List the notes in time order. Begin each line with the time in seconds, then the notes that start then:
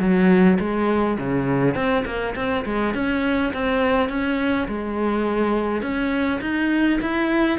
0.00 F#3
0.60 G#3
1.19 C#3
1.75 C4
2.05 A#3
2.36 C4
2.65 G#3
2.94 C#4
3.53 C4
4.09 C#4
4.68 G#3
5.82 C#4
6.41 D#4
7.02 E4